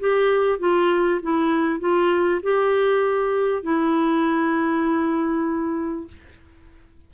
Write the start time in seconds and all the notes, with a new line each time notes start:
0.00 G4
0.59 F4
1.22 E4
1.80 F4
2.42 G4
3.63 E4